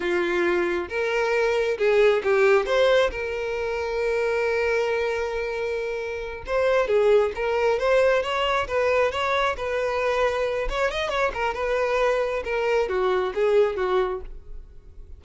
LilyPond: \new Staff \with { instrumentName = "violin" } { \time 4/4 \tempo 4 = 135 f'2 ais'2 | gis'4 g'4 c''4 ais'4~ | ais'1~ | ais'2~ ais'8 c''4 gis'8~ |
gis'8 ais'4 c''4 cis''4 b'8~ | b'8 cis''4 b'2~ b'8 | cis''8 dis''8 cis''8 ais'8 b'2 | ais'4 fis'4 gis'4 fis'4 | }